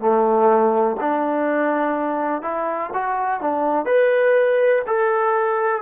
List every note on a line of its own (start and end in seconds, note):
0.00 0.97 A3
1.01 2.42 D4
2.42 2.90 E4
2.94 3.41 F#4
3.41 3.85 D4
3.85 4.82 B4
4.87 5.82 A4